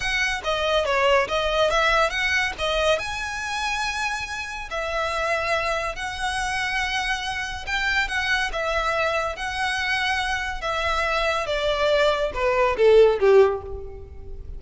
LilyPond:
\new Staff \with { instrumentName = "violin" } { \time 4/4 \tempo 4 = 141 fis''4 dis''4 cis''4 dis''4 | e''4 fis''4 dis''4 gis''4~ | gis''2. e''4~ | e''2 fis''2~ |
fis''2 g''4 fis''4 | e''2 fis''2~ | fis''4 e''2 d''4~ | d''4 b'4 a'4 g'4 | }